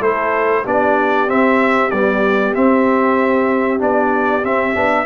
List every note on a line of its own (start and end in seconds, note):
0.00 0.65 A3
0.00 0.65 E4
0.00 0.63 A4
0.00 0.66 C5
0.64 1.30 B3
0.64 1.28 D4
0.64 5.06 G4
0.64 1.30 D5
1.28 1.91 C4
1.28 1.93 C4
1.28 1.91 E5
1.91 2.54 G3
1.91 2.57 B3
1.91 2.54 D5
2.54 3.79 C4
2.54 3.82 C4
2.54 3.81 E5
3.79 4.44 B3
3.79 4.42 D4
3.79 4.45 D5
4.43 4.74 C4
4.43 4.75 C4
4.43 5.06 E5
4.74 5.06 B3
4.74 5.06 D4